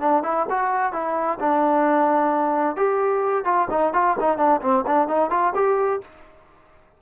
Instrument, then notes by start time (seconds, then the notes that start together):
trombone
0.00 D4
0.23 E4
0.50 F#4
0.93 E4
1.40 D4
2.76 G4
3.45 F4
3.70 D#4
3.94 F4
4.20 D#4
4.37 D4
4.62 C4
4.87 D4
5.08 D#4
5.30 F4
5.55 G4